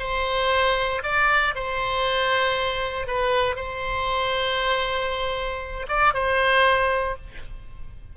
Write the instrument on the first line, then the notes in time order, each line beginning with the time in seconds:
oboe
0.00 C5
1.03 D5
1.55 C5
3.07 B4
3.56 C5
5.89 D5
6.14 C5